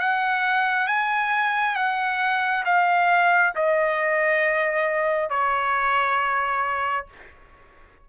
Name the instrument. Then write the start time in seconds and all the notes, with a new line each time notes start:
trumpet
0.00 F#5
0.87 G#5
1.76 F#5
2.65 F5
3.56 D#5
5.30 C#5